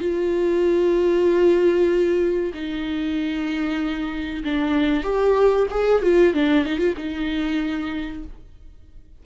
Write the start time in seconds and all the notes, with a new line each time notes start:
0.00 F4
2.54 D#4
4.44 D4
5.04 G4
5.71 G#4
6.02 F4
6.34 D4
6.65 D#4
6.78 F4
6.97 D#4